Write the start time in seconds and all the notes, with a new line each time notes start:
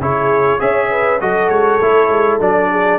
0.00 C#3 E4 G#4 C#5
0.59 C#4 G#4 C#5 E5
0.91 B4
1.21 F#3 F#4 A4 D#5
1.49 G#3 C#5
1.80 A3 E4
2.08 G#3
2.40 F#3 D4 D5
2.71 G#4